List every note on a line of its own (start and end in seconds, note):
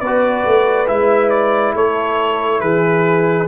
0.00 0.44 B3
0.00 1.75 B4
0.00 0.87 D5
0.06 0.87 F#4
0.45 0.89 A3
0.87 1.74 G#3
0.87 3.48 E4
0.87 1.30 E5
1.30 1.73 D5
1.74 2.61 A3
1.74 2.62 A4
1.74 2.61 C#5
2.61 3.48 E3
2.61 3.48 G#4
2.61 3.47 B4